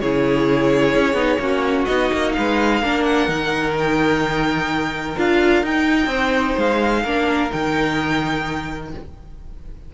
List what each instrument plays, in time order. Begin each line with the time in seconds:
0.00 cello C#3, viola E4, violin G#4 C#5
0.95 cello C#4
1.13 cello B3, viola D#4
1.40 cello A#3, viola C#4, violin F#4
1.85 cello B3, viola D#4, violin D#5
2.13 cello A#3
2.33 cello G#3, violin B4 F5
2.82 cello A#3, viola D4, violin A#4
3.04 violin F#5
3.28 cello D#3, viola D#4
3.78 violin G5
5.17 cello D4, viola F4, violin F5
5.63 cello D#4, viola D#4, violin G5
6.06 cello C4, violin C5
6.57 cello G#3, violin F5
7.03 cello A#3, viola D4, violin A#4
7.50 cello D#3, viola D#4, violin G5